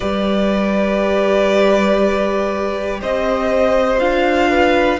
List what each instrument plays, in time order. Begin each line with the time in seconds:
0.00 cello G3, viola G4, violin B4 D5
3.00 cello C4, violin C5 D#5
3.98 cello D4, viola F4, violin F5
4.50 violin B4